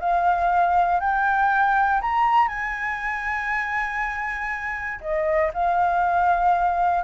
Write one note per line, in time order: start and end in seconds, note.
0.00 1.01 F5
1.01 2.01 G5
2.02 2.48 A#5
2.48 5.01 G#5
5.01 5.52 D#5
5.54 7.04 F5